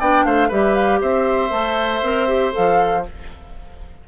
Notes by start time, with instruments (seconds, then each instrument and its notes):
0.00 bassoon B3, clarinet D4, oboe D5, flute G5
0.25 bassoon A3, oboe C5, flute F5
0.49 bassoon G3, clarinet G4, oboe B4, flute E5
0.75 flute F5
1.01 bassoon C4, oboe C5, flute E5
1.50 bassoon A3, clarinet A4
2.03 bassoon C4, clarinet A#4
2.28 clarinet G4
2.52 bassoon F3, clarinet A4, flute F5